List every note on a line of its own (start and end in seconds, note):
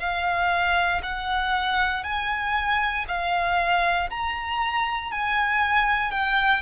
0.00 1.02 F5
1.03 2.04 F#5
2.04 3.06 G#5
3.08 4.10 F5
4.10 5.12 A#5
5.12 6.12 G#5
6.12 6.62 G5